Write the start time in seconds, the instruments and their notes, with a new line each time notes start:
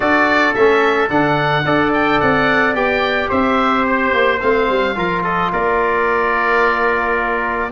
0.00 tuba D4, trombone F#4, trumpet A4, oboe D5
0.54 tuba A3, trombone C#4, oboe E5
1.09 tuba D3, trombone D4, oboe F#5
1.65 tuba D4, trombone A4, trumpet D5
1.93 oboe G5
2.20 tuba C4, oboe F#5
2.74 tuba B3, trombone G4, oboe G5
3.29 tuba C4, trumpet C5, oboe E5
3.86 oboe C5
4.13 tuba A#3
4.40 tuba A3, trombone C4, oboe F5
4.69 tuba G3
4.95 tuba F3, trombone F4, trumpet A#4
5.23 trumpet A4, oboe D#5
5.52 tuba A#3, trumpet A#4, oboe D5